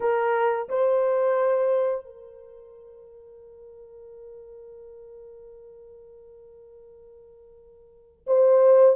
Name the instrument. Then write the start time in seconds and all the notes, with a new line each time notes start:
horn
0.00 A#4
0.68 C5
2.05 A#4
8.26 C5